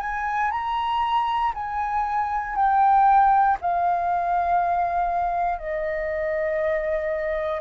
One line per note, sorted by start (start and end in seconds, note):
0.00 0.51 G#5
0.51 1.53 A#5
1.54 2.56 G#5
2.56 3.57 G5
3.61 5.58 F5
5.58 7.60 D#5